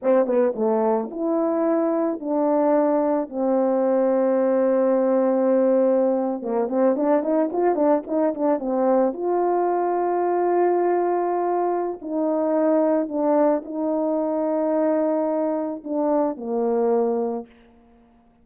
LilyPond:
\new Staff \with { instrumentName = "horn" } { \time 4/4 \tempo 4 = 110 c'8 b8 a4 e'2 | d'2 c'2~ | c'2.~ c'8. ais16~ | ais16 c'8 d'8 dis'8 f'8 d'8 dis'8 d'8 c'16~ |
c'8. f'2.~ f'16~ | f'2 dis'2 | d'4 dis'2.~ | dis'4 d'4 ais2 | }